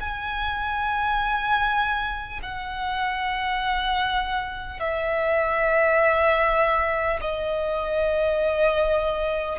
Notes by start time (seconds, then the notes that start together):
0.00 G#5
2.42 F#5
4.79 E5
7.21 D#5